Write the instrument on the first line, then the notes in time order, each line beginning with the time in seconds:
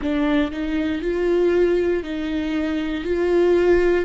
viola
0.01 D4
0.51 D#4
1.01 F4
2.03 D#4
3.04 F4